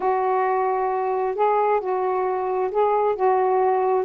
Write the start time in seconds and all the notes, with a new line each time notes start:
0.00 F#4
1.35 G#4
1.80 F#4
2.71 G#4
3.15 F#4